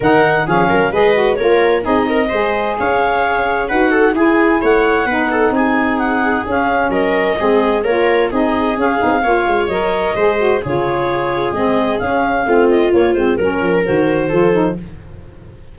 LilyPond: <<
  \new Staff \with { instrumentName = "clarinet" } { \time 4/4 \tempo 4 = 130 fis''4 f''4 dis''4 cis''4 | dis''2 f''2 | fis''4 gis''4 fis''2 | gis''4 fis''4 f''4 dis''4~ |
dis''4 cis''4 dis''4 f''4~ | f''4 dis''2 cis''4~ | cis''4 dis''4 f''4. dis''8 | cis''8 c''8 ais'4 c''2 | }
  \new Staff \with { instrumentName = "viola" } { \time 4/4 ais'4 gis'8 ais'8 b'4 ais'4 | gis'8 ais'8 c''4 cis''2 | b'8 a'8 gis'4 cis''4 b'8 a'8 | gis'2. ais'4 |
gis'4 ais'4 gis'2 | cis''2 c''4 gis'4~ | gis'2. f'4~ | f'4 ais'2 a'4 | }
  \new Staff \with { instrumentName = "saxophone" } { \time 4/4 dis'4 cis'4 gis'8 fis'8 f'4 | dis'4 gis'2. | fis'4 e'2 dis'4~ | dis'2 cis'2 |
c'4 f'4 dis'4 cis'8 dis'8 | f'4 ais'4 gis'8 fis'8 f'4~ | f'4 c'4 cis'4 c'4 | ais8 c'8 cis'4 fis'4 f'8 dis'8 | }
  \new Staff \with { instrumentName = "tuba" } { \time 4/4 dis4 f8 fis8 gis4 ais4 | c'4 gis4 cis'2 | dis'4 e'4 a4 b4 | c'2 cis'4 fis4 |
gis4 ais4 c'4 cis'8 c'8 | ais8 gis8 fis4 gis4 cis4~ | cis4 gis4 cis'4 a4 | ais8 gis8 fis8 f8 dis4 f4 | }
>>